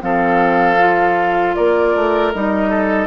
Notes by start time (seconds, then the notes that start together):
0.00 F3 C4 A4 F5
0.79 F4
1.55 A#3 A#4 D5
1.95 A3
2.32 G3 D#4 D#5
2.69 A4